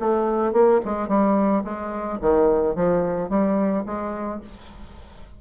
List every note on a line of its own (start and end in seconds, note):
0.00 0.53 A3
0.53 0.81 A#3
0.85 1.09 G#3
1.09 1.64 G3
1.64 2.19 G#3
2.21 2.76 D#3
2.76 3.30 F3
3.30 3.85 G3
3.86 4.41 G#3